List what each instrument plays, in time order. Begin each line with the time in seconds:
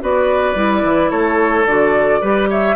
0.00 bassoon B3, clarinet F#4, oboe B4, flute D5
0.55 bassoon G3, clarinet E4
0.83 bassoon E3
1.10 bassoon A3, oboe A4, flute C#5
1.66 bassoon D3, clarinet F#4, flute D5
2.21 bassoon G3, clarinet G4, oboe B4
2.50 oboe C#5, flute E5